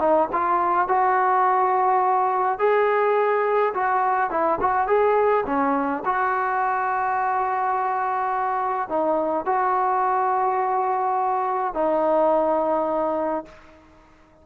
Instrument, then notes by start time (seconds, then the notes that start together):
trombone
0.00 D#4
0.32 F4
0.88 F#4
2.59 G#4
3.74 F#4
4.30 E4
4.61 F#4
4.88 G#4
5.46 C#4
6.05 F#4
8.89 D#4
9.46 F#4
11.74 D#4